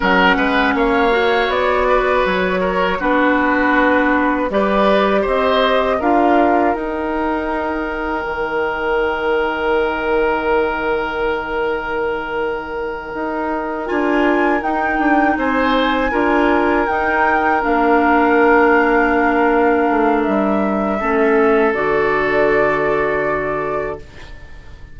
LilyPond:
<<
  \new Staff \with { instrumentName = "flute" } { \time 4/4 \tempo 4 = 80 fis''4 f''4 d''4 cis''4 | b'2 d''4 dis''4 | f''4 g''2.~ | g''1~ |
g''2~ g''8 gis''4 g''8~ | g''8 gis''2 g''4 f''8~ | f''2. e''4~ | e''4 d''2. | }
  \new Staff \with { instrumentName = "oboe" } { \time 4/4 ais'8 b'8 cis''4. b'4 ais'8 | fis'2 b'4 c''4 | ais'1~ | ais'1~ |
ais'1~ | ais'8 c''4 ais'2~ ais'8~ | ais'1 | a'1 | }
  \new Staff \with { instrumentName = "clarinet" } { \time 4/4 cis'4. fis'2~ fis'8 | d'2 g'2 | f'4 dis'2.~ | dis'1~ |
dis'2~ dis'8 f'4 dis'8~ | dis'4. f'4 dis'4 d'8~ | d'1 | cis'4 fis'2. | }
  \new Staff \with { instrumentName = "bassoon" } { \time 4/4 fis8 gis8 ais4 b4 fis4 | b2 g4 c'4 | d'4 dis'2 dis4~ | dis1~ |
dis4. dis'4 d'4 dis'8 | d'8 c'4 d'4 dis'4 ais8~ | ais2~ ais8 a8 g4 | a4 d2. | }
>>